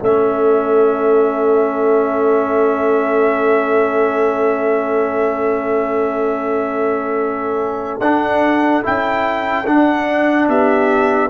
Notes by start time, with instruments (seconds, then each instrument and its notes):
0.00 tuba A3, trombone C#4, horn A4, trumpet E5
8.01 tuba D4, trombone D4, trumpet F#5
8.83 tuba C#4, trombone E4, trumpet G5
9.67 trombone D4, tuba D4, trumpet F#5
10.49 tuba B3, horn G4, trumpet E5